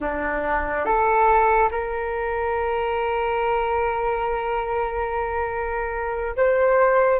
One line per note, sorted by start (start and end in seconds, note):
0.00 0.85 D4
0.85 1.69 A4
1.71 6.36 A#4
6.36 7.19 C5